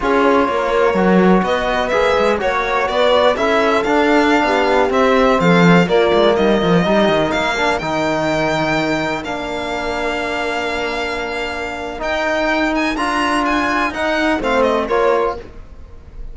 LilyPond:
<<
  \new Staff \with { instrumentName = "violin" } { \time 4/4 \tempo 4 = 125 cis''2. dis''4 | e''4 cis''4 d''4 e''4 | f''2~ f''16 e''4 f''8.~ | f''16 d''4 dis''2 f''8.~ |
f''16 g''2. f''8.~ | f''1~ | f''4 g''4. gis''8 ais''4 | gis''4 fis''4 f''8 dis''8 cis''4 | }
  \new Staff \with { instrumentName = "horn" } { \time 4/4 gis'4 ais'2 b'4~ | b'4 cis''4 b'4 a'4~ | a'4~ a'16 g'2 a'8.~ | a'16 f'4 dis'8 f'8 g'4 ais'8.~ |
ais'1~ | ais'1~ | ais'1~ | ais'2 c''4 ais'4 | }
  \new Staff \with { instrumentName = "trombone" } { \time 4/4 f'2 fis'2 | gis'4 fis'2 e'4 | d'2~ d'16 c'4.~ c'16~ | c'16 ais2 dis'4. d'16~ |
d'16 dis'2. d'8.~ | d'1~ | d'4 dis'2 f'4~ | f'4 dis'4 c'4 f'4 | }
  \new Staff \with { instrumentName = "cello" } { \time 4/4 cis'4 ais4 fis4 b4 | ais8 gis8 ais4 b4 cis'4 | d'4~ d'16 b4 c'4 f8.~ | f16 ais8 gis8 g8 f8 g8 dis8 ais8.~ |
ais16 dis2. ais8.~ | ais1~ | ais4 dis'2 d'4~ | d'4 dis'4 a4 ais4 | }
>>